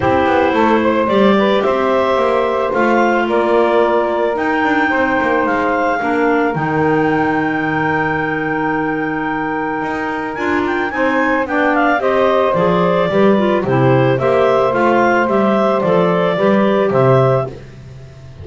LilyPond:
<<
  \new Staff \with { instrumentName = "clarinet" } { \time 4/4 \tempo 4 = 110 c''2 d''4 e''4~ | e''4 f''4 d''2 | g''2 f''2 | g''1~ |
g''2. gis''8 g''8 | gis''4 g''8 f''8 dis''4 d''4~ | d''4 c''4 e''4 f''4 | e''4 d''2 e''4 | }
  \new Staff \with { instrumentName = "saxophone" } { \time 4/4 g'4 a'8 c''4 b'8 c''4~ | c''2 ais'2~ | ais'4 c''2 ais'4~ | ais'1~ |
ais'1 | c''4 d''4 c''2 | b'4 g'4 c''2~ | c''2 b'4 c''4 | }
  \new Staff \with { instrumentName = "clarinet" } { \time 4/4 e'2 g'2~ | g'4 f'2. | dis'2. d'4 | dis'1~ |
dis'2. f'4 | dis'4 d'4 g'4 gis'4 | g'8 f'8 e'4 g'4 f'4 | g'4 a'4 g'2 | }
  \new Staff \with { instrumentName = "double bass" } { \time 4/4 c'8 b8 a4 g4 c'4 | ais4 a4 ais2 | dis'8 d'8 c'8 ais8 gis4 ais4 | dis1~ |
dis2 dis'4 d'4 | c'4 b4 c'4 f4 | g4 c4 ais4 a4 | g4 f4 g4 c4 | }
>>